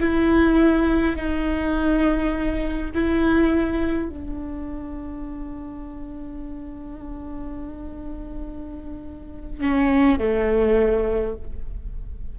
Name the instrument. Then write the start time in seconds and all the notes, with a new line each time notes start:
viola
0.00 E4
1.16 D#4
2.94 E4
4.09 D4
9.61 C#4
10.19 A3